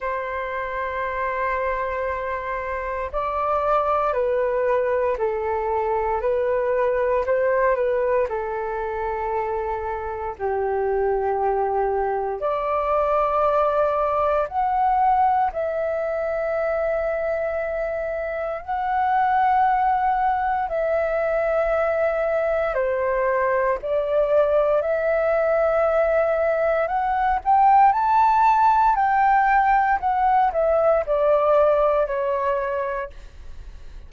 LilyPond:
\new Staff \with { instrumentName = "flute" } { \time 4/4 \tempo 4 = 58 c''2. d''4 | b'4 a'4 b'4 c''8 b'8 | a'2 g'2 | d''2 fis''4 e''4~ |
e''2 fis''2 | e''2 c''4 d''4 | e''2 fis''8 g''8 a''4 | g''4 fis''8 e''8 d''4 cis''4 | }